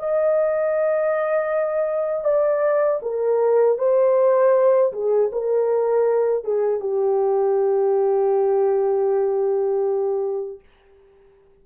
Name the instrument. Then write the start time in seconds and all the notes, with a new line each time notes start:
horn
0.00 D#5
2.25 D5
3.03 A#4
3.79 C5
4.93 G#4
5.33 A#4
6.45 G#4
6.81 G4